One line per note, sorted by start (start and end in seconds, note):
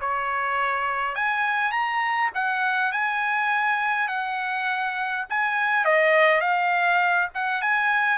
0.00 1.15 C#5
1.15 1.71 G#5
1.71 2.30 A#5
2.34 2.92 F#5
2.92 4.07 G#5
4.07 5.25 F#5
5.29 5.84 G#5
5.84 6.40 D#5
6.40 7.29 F5
7.34 7.61 F#5
7.61 8.18 G#5